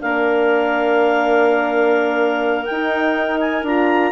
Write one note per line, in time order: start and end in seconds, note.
0.00 2.69 A#3
0.00 2.68 D4
0.00 4.12 A#4
0.00 2.65 F5
2.65 3.63 D#4
2.65 3.66 D#4
2.65 3.38 G5
3.40 3.64 G#5
3.63 4.12 D4
3.63 4.12 F4
3.63 4.12 A#5